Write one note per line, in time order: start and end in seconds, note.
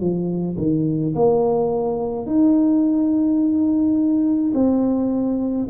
0.00 0.57 F3
0.58 1.14 D#3
1.15 2.26 A#3
2.26 4.52 D#4
4.54 5.67 C4